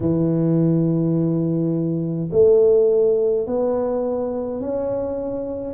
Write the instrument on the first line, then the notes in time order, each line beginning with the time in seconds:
tuba
0.00 E3
2.31 A3
3.46 B3
4.60 C#4